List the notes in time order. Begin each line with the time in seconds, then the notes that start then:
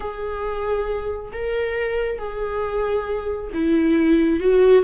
0.00 G#4
1.32 A#4
2.18 G#4
3.53 E4
4.40 F#4